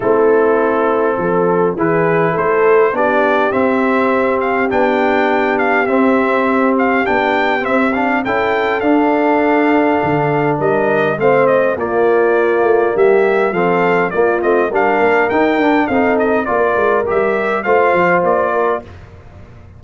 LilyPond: <<
  \new Staff \with { instrumentName = "trumpet" } { \time 4/4 \tempo 4 = 102 a'2. b'4 | c''4 d''4 e''4. f''8 | g''4. f''8 e''4. f''8 | g''4 e''8 f''8 g''4 f''4~ |
f''2 dis''4 f''8 dis''8 | d''2 e''4 f''4 | d''8 dis''8 f''4 g''4 f''8 dis''8 | d''4 e''4 f''4 d''4 | }
  \new Staff \with { instrumentName = "horn" } { \time 4/4 e'2 a'4 gis'4 | a'4 g'2.~ | g'1~ | g'2 a'2~ |
a'2 ais'4 c''4 | f'2 g'4 a'4 | f'4 ais'2 a'4 | ais'2 c''4. ais'8 | }
  \new Staff \with { instrumentName = "trombone" } { \time 4/4 c'2. e'4~ | e'4 d'4 c'2 | d'2 c'2 | d'4 c'8 d'8 e'4 d'4~ |
d'2. c'4 | ais2. c'4 | ais8 c'8 d'4 dis'8 d'8 dis'4 | f'4 g'4 f'2 | }
  \new Staff \with { instrumentName = "tuba" } { \time 4/4 a2 f4 e4 | a4 b4 c'2 | b2 c'2 | b4 c'4 cis'4 d'4~ |
d'4 d4 g4 a4 | ais4. a8 g4 f4 | ais8 a8 g8 ais8 dis'8 d'8 c'4 | ais8 gis8 g4 a8 f8 ais4 | }
>>